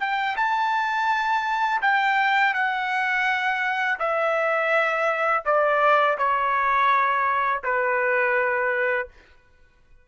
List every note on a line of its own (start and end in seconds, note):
0.00 0.36 G5
0.36 1.81 A5
1.82 2.54 G5
2.54 3.99 F#5
3.99 5.43 E5
5.45 6.17 D5
6.18 7.62 C#5
7.63 9.08 B4